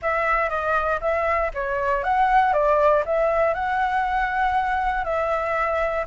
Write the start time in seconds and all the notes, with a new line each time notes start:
0.02 E5
0.49 D#5
1.00 E5
1.54 C#5
2.03 F#5
2.53 D5
3.05 E5
3.54 F#5
5.04 E5